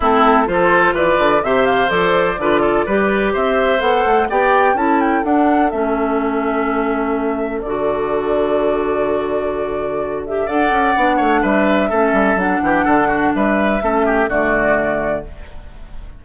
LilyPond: <<
  \new Staff \with { instrumentName = "flute" } { \time 4/4 \tempo 4 = 126 a'4 c''4 d''4 e''8 f''8 | d''2. e''4 | fis''4 g''4 a''8 g''8 fis''4 | e''1 |
d''1~ | d''4. e''8 fis''2 | e''2 fis''2 | e''2 d''2 | }
  \new Staff \with { instrumentName = "oboe" } { \time 4/4 e'4 a'4 b'4 c''4~ | c''4 b'8 a'8 b'4 c''4~ | c''4 d''4 a'2~ | a'1~ |
a'1~ | a'2 d''4. cis''8 | b'4 a'4. g'8 a'8 fis'8 | b'4 a'8 g'8 fis'2 | }
  \new Staff \with { instrumentName = "clarinet" } { \time 4/4 c'4 f'2 g'4 | a'4 f'4 g'2 | a'4 g'4 e'4 d'4 | cis'1 |
fis'1~ | fis'4. g'8 a'4 d'4~ | d'4 cis'4 d'2~ | d'4 cis'4 a2 | }
  \new Staff \with { instrumentName = "bassoon" } { \time 4/4 a4 f4 e8 d8 c4 | f4 d4 g4 c'4 | b8 a8 b4 cis'4 d'4 | a1 |
d1~ | d2 d'8 cis'8 b8 a8 | g4 a8 g8 fis8 e8 d4 | g4 a4 d2 | }
>>